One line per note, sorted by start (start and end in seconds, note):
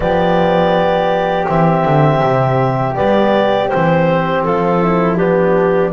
0.00 1.45 F3
0.00 1.46 B3
0.00 4.46 G4
0.00 1.47 D5
1.46 1.85 E3
1.46 2.95 C4
1.46 2.95 E5
1.85 2.22 D3
2.23 2.97 C3
2.95 3.72 G3
2.95 3.69 B3
2.95 3.68 D5
3.68 5.18 C4
3.68 4.42 C5
3.74 4.45 E3
4.43 5.93 F3
4.43 4.83 F4
4.43 5.16 A4
4.83 5.18 E4
5.16 5.92 B3
5.16 5.92 D4
5.16 5.90 G4